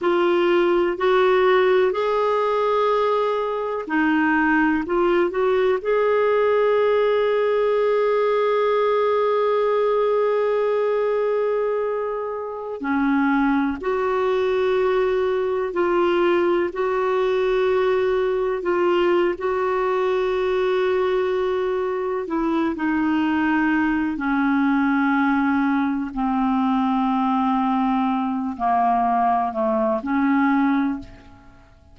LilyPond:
\new Staff \with { instrumentName = "clarinet" } { \time 4/4 \tempo 4 = 62 f'4 fis'4 gis'2 | dis'4 f'8 fis'8 gis'2~ | gis'1~ | gis'4~ gis'16 cis'4 fis'4.~ fis'16~ |
fis'16 f'4 fis'2 f'8. | fis'2. e'8 dis'8~ | dis'4 cis'2 c'4~ | c'4. ais4 a8 cis'4 | }